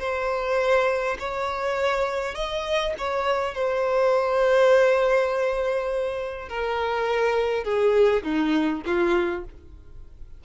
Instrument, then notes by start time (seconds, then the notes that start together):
violin
0.00 C5
1.20 C#5
2.35 D#5
2.98 C#5
3.55 C5
6.49 A#4
7.64 G#4
8.24 D#4
8.86 F4